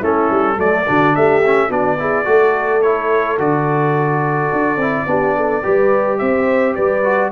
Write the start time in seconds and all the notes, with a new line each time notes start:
0.00 A3 C#4 E4 A4
0.31 G3
0.58 F#3 A3 A4 D5
0.87 D3 D4 F#4
1.16 A3 G4 E5
1.46 C#4
1.69 B3 D4 F#4 D5
2.00 E4 G#4
2.25 A3 F#4 A4
2.82 E4 C#5
3.39 D3 F#4 D5
4.53 D4
4.77 C4 E4
5.07 B3 D4 G4
5.37 A4
5.63 G3 G4 B4
6.19 C4 C5 E5
6.75 G3 B4 D5
7.05 F#4